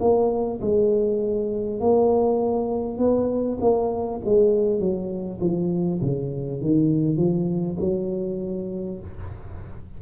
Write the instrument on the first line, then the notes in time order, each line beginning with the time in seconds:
tuba
0.00 A#3
0.61 G#3
1.80 A#3
2.98 B3
3.61 A#3
4.24 G#3
4.79 F#3
5.40 F3
6.01 C#3
6.61 D#3
7.17 F3
7.79 F#3